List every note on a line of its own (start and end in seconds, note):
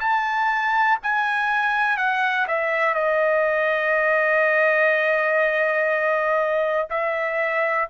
0.00 0.98 A5
1.03 1.97 G#5
1.97 2.46 F#5
2.47 2.94 E5
2.94 6.88 D#5
6.90 7.88 E5